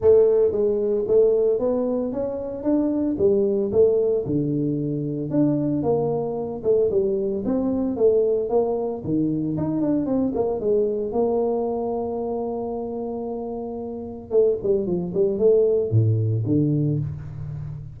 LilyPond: \new Staff \with { instrumentName = "tuba" } { \time 4/4 \tempo 4 = 113 a4 gis4 a4 b4 | cis'4 d'4 g4 a4 | d2 d'4 ais4~ | ais8 a8 g4 c'4 a4 |
ais4 dis4 dis'8 d'8 c'8 ais8 | gis4 ais2.~ | ais2. a8 g8 | f8 g8 a4 a,4 d4 | }